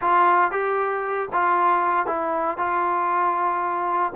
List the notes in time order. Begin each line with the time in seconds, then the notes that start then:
0.01 F4
0.51 G4
1.32 F4
2.06 E4
2.57 F4